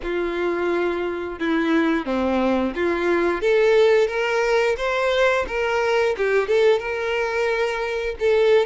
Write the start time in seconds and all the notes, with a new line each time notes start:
0.02 F4
1.39 E4
2.05 C4
2.75 F4
3.41 A4
4.07 A#4
4.77 C5
5.47 A#4
6.17 G4
6.47 A4
6.79 A#4
8.19 A4